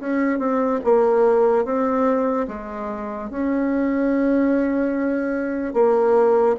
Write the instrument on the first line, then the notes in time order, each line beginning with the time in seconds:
bassoon
0.00 C#4
0.39 C4
0.84 A#3
1.65 C4
2.48 G#3
3.31 C#4
5.74 A#3